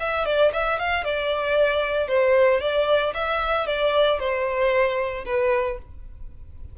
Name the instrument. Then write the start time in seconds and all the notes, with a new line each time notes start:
violin
0.00 E5
0.26 D5
0.53 E5
0.79 F5
1.04 D5
2.08 C5
2.61 D5
3.15 E5
3.67 D5
4.20 C5
5.26 B4